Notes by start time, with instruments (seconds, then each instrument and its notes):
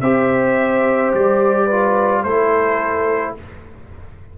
0.00 tuba C4, trombone G4, horn C5, trumpet E5
1.14 tuba G3, trumpet D5
1.66 trombone F4, horn B4
2.22 tuba A3, trombone E4, horn A4, trumpet C5